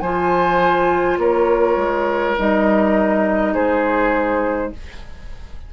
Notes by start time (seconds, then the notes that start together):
0.00 F3 F4 C5 G#5
1.18 A#3 A#4 C#5
1.76 G#3
2.38 G3 D#4 D#5
3.54 G#3 G#4 C5